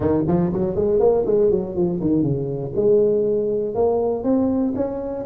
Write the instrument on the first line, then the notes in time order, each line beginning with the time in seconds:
tuba
0.00 D#3
0.27 F3
0.53 F#3
0.75 G#3
0.99 A#3
1.25 G#3
1.50 F#3
1.75 F3
2.00 D#3
2.22 C#3
2.75 G#3
3.74 A#3
4.23 C4
4.75 C#4